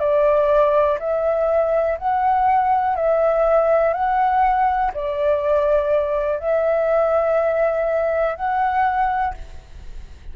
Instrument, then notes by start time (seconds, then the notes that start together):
flute
0.00 D5
1.00 E5
1.99 F#5
2.96 E5
3.94 F#5
4.94 D5
6.40 E5
8.36 F#5